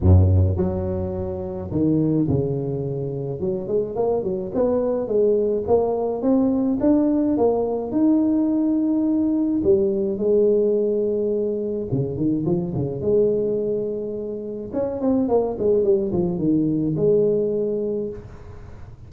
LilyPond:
\new Staff \with { instrumentName = "tuba" } { \time 4/4 \tempo 4 = 106 fis,4 fis2 dis4 | cis2 fis8 gis8 ais8 fis8 | b4 gis4 ais4 c'4 | d'4 ais4 dis'2~ |
dis'4 g4 gis2~ | gis4 cis8 dis8 f8 cis8 gis4~ | gis2 cis'8 c'8 ais8 gis8 | g8 f8 dis4 gis2 | }